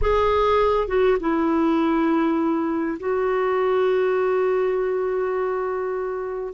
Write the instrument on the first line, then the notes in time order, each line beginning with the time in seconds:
clarinet
0.01 G#4
0.87 F#4
1.20 E4
2.99 F#4